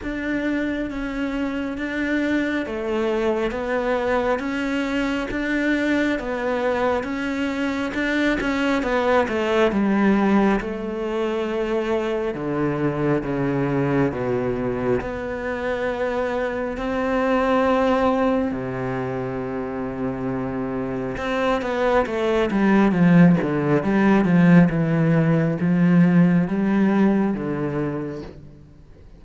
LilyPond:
\new Staff \with { instrumentName = "cello" } { \time 4/4 \tempo 4 = 68 d'4 cis'4 d'4 a4 | b4 cis'4 d'4 b4 | cis'4 d'8 cis'8 b8 a8 g4 | a2 d4 cis4 |
b,4 b2 c'4~ | c'4 c2. | c'8 b8 a8 g8 f8 d8 g8 f8 | e4 f4 g4 d4 | }